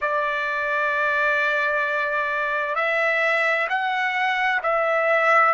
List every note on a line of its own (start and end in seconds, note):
0.01 2.75 D5
2.75 3.67 E5
3.69 4.61 F#5
4.62 5.53 E5